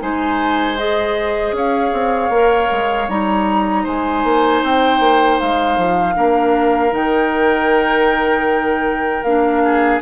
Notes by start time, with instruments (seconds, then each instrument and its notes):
0.00 bassoon G#3, clarinet D#4, oboe C5, flute G#5
0.78 clarinet G#4, flute D#5
1.53 bassoon C#4, oboe C#5, flute F5
1.93 bassoon C4
2.30 bassoon A#3, clarinet A#4
2.72 bassoon G#3
3.09 bassoon G3, clarinet D#4, flute A#5
3.84 bassoon G#3, oboe C5, flute G#5
4.24 bassoon A#3
4.63 bassoon C4, flute G5
5.00 bassoon A#3
5.40 bassoon G#3, flute F5
5.78 bassoon F3
6.15 bassoon A#3, clarinet D4, oboe A#4
6.91 bassoon D#3, clarinet D#4, flute G5
9.24 bassoon A#3, clarinet D4, flute F5
9.65 oboe G#4